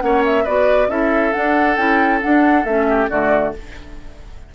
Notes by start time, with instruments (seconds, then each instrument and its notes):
0.00 bassoon A#3, clarinet C#4, oboe C#5, flute F#5
0.25 flute E5
0.43 bassoon B3, clarinet F#4, oboe B4, flute D5
0.88 bassoon C#4, clarinet E4, oboe A4, flute E5
1.32 clarinet D4, bassoon D4, flute F#5
1.76 bassoon C#4, clarinet E4, flute G5
2.21 clarinet D4, bassoon D4, flute F#5
2.64 bassoon A3, clarinet C#4, flute E5
2.88 oboe G4
3.10 bassoon D3, clarinet A3, oboe F#4, flute D5